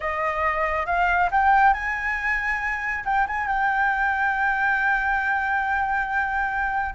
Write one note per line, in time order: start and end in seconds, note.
0.00 0.86 D#5
0.86 1.29 F5
1.31 1.73 G5
1.73 3.04 G#5
3.04 3.26 G5
3.27 3.47 G#5
3.47 6.94 G5